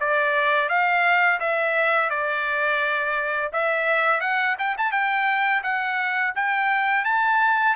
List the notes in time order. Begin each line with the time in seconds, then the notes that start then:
0.00 D5
0.69 F5
1.40 E5
2.10 D5
3.52 E5
4.20 F#5
4.58 G5
4.77 A5
4.92 G5
5.63 F#5
6.35 G5
7.05 A5